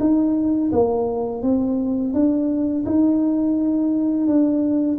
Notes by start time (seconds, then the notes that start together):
0.00 D#4
0.72 A#3
1.43 C4
2.13 D4
2.86 D#4
4.27 D4